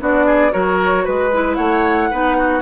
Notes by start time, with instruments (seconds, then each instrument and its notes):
0.00 bassoon B3, clarinet D4, oboe F#4, flute D5
0.26 oboe G#4
0.51 bassoon F#3, clarinet F#4, oboe A#4, flute C#5
1.04 bassoon G#3, oboe B4, flute B4
1.33 clarinet E4
1.55 bassoon A3, oboe C#5, flute F#5
2.10 bassoon B3, clarinet D#4, oboe B4
2.37 oboe F#4